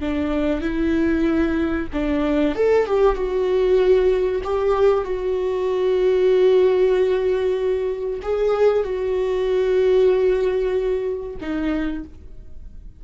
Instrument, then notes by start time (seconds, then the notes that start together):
viola
0.00 D4
0.61 E4
1.93 D4
2.56 A4
2.86 G4
3.15 F#4
4.44 G4
5.04 F#4
8.22 G#4
8.84 F#4
11.41 D#4